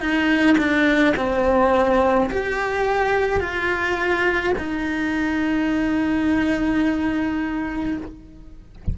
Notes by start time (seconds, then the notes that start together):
0.00 D#4
0.58 D4
1.17 C4
2.31 G4
3.41 F4
4.58 D#4